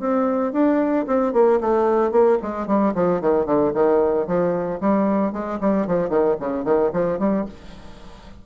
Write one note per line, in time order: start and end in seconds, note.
0.00 0.53 C4
0.53 1.06 D4
1.07 1.33 C4
1.33 1.60 A#3
1.61 2.11 A3
2.11 2.38 A#3
2.43 2.67 G#3
2.67 2.94 G3
2.95 3.21 F3
3.21 3.46 D#3
3.46 3.72 D3
3.74 4.27 D#3
4.27 4.80 F3
4.81 5.33 G3
5.33 5.59 G#3
5.61 5.87 G3
5.87 6.09 F3
6.09 6.36 D#3
6.40 6.65 C#3
6.65 6.91 D#3
6.93 7.19 F3
7.19 7.46 G3